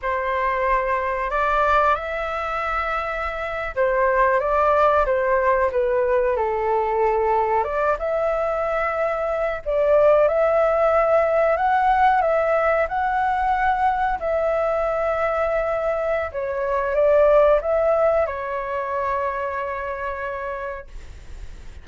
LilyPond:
\new Staff \with { instrumentName = "flute" } { \time 4/4 \tempo 4 = 92 c''2 d''4 e''4~ | e''4.~ e''16 c''4 d''4 c''16~ | c''8. b'4 a'2 d''16~ | d''16 e''2~ e''8 d''4 e''16~ |
e''4.~ e''16 fis''4 e''4 fis''16~ | fis''4.~ fis''16 e''2~ e''16~ | e''4 cis''4 d''4 e''4 | cis''1 | }